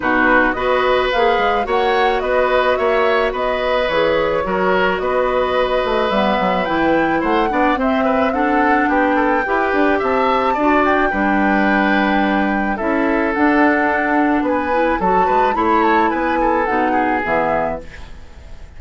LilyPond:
<<
  \new Staff \with { instrumentName = "flute" } { \time 4/4 \tempo 4 = 108 b'4 dis''4 f''4 fis''4 | dis''4 e''4 dis''4 cis''4~ | cis''4 dis''2 e''4 | g''4 fis''4 e''4 fis''4 |
g''2 a''4. g''8~ | g''2. e''4 | fis''2 gis''4 a''4 | b''8 a''8 gis''4 fis''4 e''4 | }
  \new Staff \with { instrumentName = "oboe" } { \time 4/4 fis'4 b'2 cis''4 | b'4 cis''4 b'2 | ais'4 b'2.~ | b'4 c''8 d''8 c''8 b'8 a'4 |
g'8 a'8 b'4 e''4 d''4 | b'2. a'4~ | a'2 b'4 a'8 b'8 | cis''4 b'8 a'4 gis'4. | }
  \new Staff \with { instrumentName = "clarinet" } { \time 4/4 dis'4 fis'4 gis'4 fis'4~ | fis'2. gis'4 | fis'2. b4 | e'4. d'8 c'4 d'4~ |
d'4 g'2 fis'4 | d'2. e'4 | d'2~ d'8 e'8 fis'4 | e'2 dis'4 b4 | }
  \new Staff \with { instrumentName = "bassoon" } { \time 4/4 b,4 b4 ais8 gis8 ais4 | b4 ais4 b4 e4 | fis4 b4. a8 g8 fis8 | e4 a8 b8 c'2 |
b4 e'8 d'8 c'4 d'4 | g2. cis'4 | d'2 b4 fis8 gis8 | a4 b4 b,4 e4 | }
>>